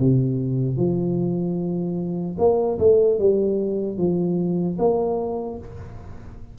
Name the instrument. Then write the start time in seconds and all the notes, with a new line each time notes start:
tuba
0.00 C3
0.77 F3
2.39 A#3
2.79 A3
3.19 G3
3.98 F3
4.79 A#3